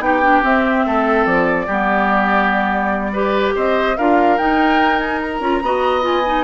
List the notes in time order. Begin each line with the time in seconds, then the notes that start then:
0.00 B3 D#4 G4 G5
0.23 D4
0.43 C4 E5
0.86 A3 A4
1.26 F3 D5
1.67 G3 B3 G4
3.13 G4 B4
3.56 C4 C5 D#5
3.97 D4 F4 A#4 F5
4.38 D#4 G5
4.99 G#5
5.22 A#5
5.40 C#4 F4
5.62 B3 F#4 D#5
6.02 F4 G#5
6.26 D#4